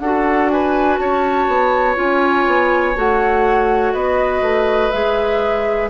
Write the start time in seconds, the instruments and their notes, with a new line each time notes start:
0.00 bassoon D4, clarinet F#4, oboe A4, flute F#5
0.50 oboe B4, flute G#5
0.97 bassoon C#4, oboe C#5, flute A5
1.47 bassoon B3
1.95 bassoon C#4, clarinet F4, flute G#5
2.46 bassoon B3
2.95 bassoon A3, clarinet F#4, flute F#5
3.93 bassoon B3, oboe B4, flute D#5
4.42 bassoon A3
4.91 bassoon G#3, clarinet G#4, flute E5